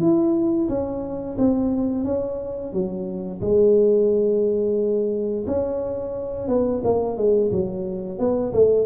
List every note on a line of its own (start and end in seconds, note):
0.00 0.68 E4
0.68 1.37 C#4
1.38 2.05 C4
2.05 2.72 C#4
2.72 3.41 F#3
3.41 5.46 G#3
5.47 6.48 C#4
6.48 6.82 B3
6.84 7.17 A#3
7.17 7.51 G#3
7.52 8.18 F#3
8.18 8.53 B3
8.53 8.85 A3